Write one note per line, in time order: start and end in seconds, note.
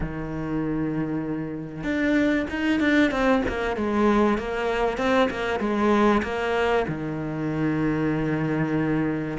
0.00 1.83 D#3
1.83 2.46 D4
2.50 2.80 D#4
2.80 3.11 D4
3.11 3.42 C4
3.48 3.76 A#3
3.76 4.38 G#3
4.38 4.97 A#3
4.97 5.28 C4
5.30 5.59 A#3
5.59 6.22 G#3
6.22 6.85 A#3
6.88 9.38 D#3